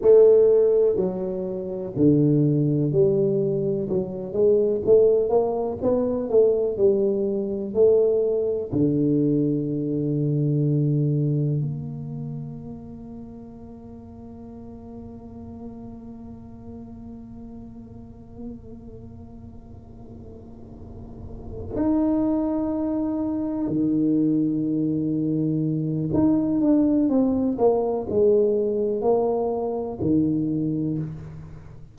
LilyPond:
\new Staff \with { instrumentName = "tuba" } { \time 4/4 \tempo 4 = 62 a4 fis4 d4 g4 | fis8 gis8 a8 ais8 b8 a8 g4 | a4 d2. | ais1~ |
ais1~ | ais2~ ais8 dis'4.~ | dis'8 dis2~ dis8 dis'8 d'8 | c'8 ais8 gis4 ais4 dis4 | }